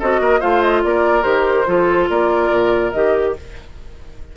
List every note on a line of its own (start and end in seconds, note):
0.00 0.20 C4
0.00 0.40 F#4
0.00 0.21 A4
0.00 0.42 D#5
0.20 0.41 A#3
0.20 0.40 A#4
0.40 0.84 A3
0.40 1.23 F4
0.40 0.82 C5
0.40 0.62 F5
0.62 0.83 D#5
0.84 1.25 A#3
0.84 1.68 A#4
0.84 1.23 D5
1.23 1.67 D#3
1.23 1.65 G4
1.23 2.07 C5
1.67 2.10 F3
1.67 2.93 F4
1.67 2.10 A4
2.10 2.52 A#3
2.10 3.36 A#4
2.10 2.92 D5
2.52 2.94 A#2
2.92 3.37 D#3
2.92 3.36 G4
2.92 3.34 D#5